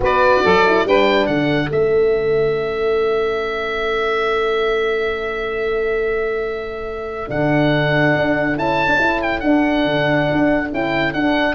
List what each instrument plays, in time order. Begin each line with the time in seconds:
0.00 tuba B3, horn F#4, saxophone B4, oboe D5
0.43 tuba F#3, saxophone A4
0.66 horn E4
0.85 tuba G3, horn D4, saxophone B4, oboe G5
1.26 tuba D3, saxophone A4, oboe F#5
1.70 tuba A3, horn C#4, oboe E5
7.27 tuba D3, horn D4, oboe F#5
8.15 tuba D4
8.56 tuba C#4, horn E4, oboe A5
8.87 horn D4
8.99 horn E4
9.21 oboe G5
9.39 horn D4, tuba D4, oboe F#5
9.85 tuba D3
10.31 tuba D4
10.72 tuba C#4, horn E4, oboe G5
11.13 tuba D4, horn D4, oboe F#5